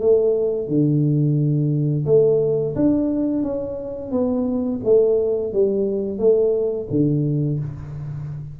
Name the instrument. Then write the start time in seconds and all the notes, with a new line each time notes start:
tuba
0.00 A3
0.67 D3
2.06 A3
2.75 D4
3.43 C#4
4.11 B3
4.84 A3
5.53 G3
6.18 A3
6.90 D3